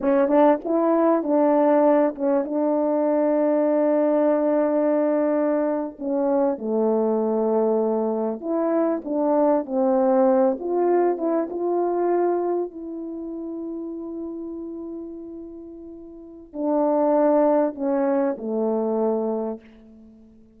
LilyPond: \new Staff \with { instrumentName = "horn" } { \time 4/4 \tempo 4 = 98 cis'8 d'8 e'4 d'4. cis'8 | d'1~ | d'4.~ d'16 cis'4 a4~ a16~ | a4.~ a16 e'4 d'4 c'16~ |
c'4~ c'16 f'4 e'8 f'4~ f'16~ | f'8. e'2.~ e'16~ | e'2. d'4~ | d'4 cis'4 a2 | }